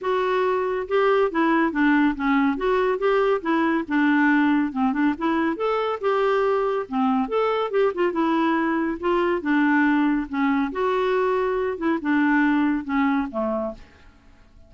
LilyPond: \new Staff \with { instrumentName = "clarinet" } { \time 4/4 \tempo 4 = 140 fis'2 g'4 e'4 | d'4 cis'4 fis'4 g'4 | e'4 d'2 c'8 d'8 | e'4 a'4 g'2 |
c'4 a'4 g'8 f'8 e'4~ | e'4 f'4 d'2 | cis'4 fis'2~ fis'8 e'8 | d'2 cis'4 a4 | }